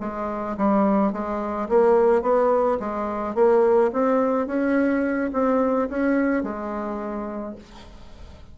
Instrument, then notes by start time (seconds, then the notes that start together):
bassoon
0.00 G#3
0.57 G3
1.12 G#3
1.69 A#3
2.22 B3
2.80 G#3
3.35 A#3
3.93 C4
4.47 C#4
5.33 C4
5.89 C#4
6.43 G#3